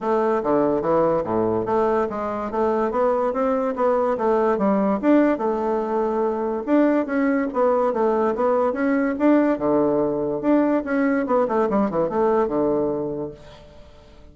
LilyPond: \new Staff \with { instrumentName = "bassoon" } { \time 4/4 \tempo 4 = 144 a4 d4 e4 a,4 | a4 gis4 a4 b4 | c'4 b4 a4 g4 | d'4 a2. |
d'4 cis'4 b4 a4 | b4 cis'4 d'4 d4~ | d4 d'4 cis'4 b8 a8 | g8 e8 a4 d2 | }